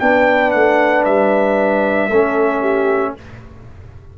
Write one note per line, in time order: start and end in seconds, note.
0.00 0.54 B3
0.00 2.11 D4
0.00 2.11 B4
0.00 0.51 G5
0.51 1.06 A3
0.51 1.04 F#5
1.05 2.09 G3
1.05 3.16 E5
2.09 3.15 A3
2.09 3.18 C#4
2.09 2.61 A4
2.61 3.14 G4